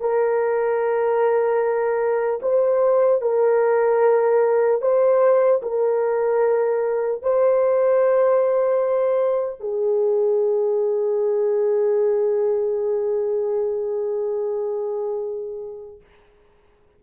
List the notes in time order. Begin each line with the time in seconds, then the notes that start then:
0.00 A#4
2.42 C5
3.21 A#4
4.81 C5
5.63 A#4
7.22 C5
9.60 G#4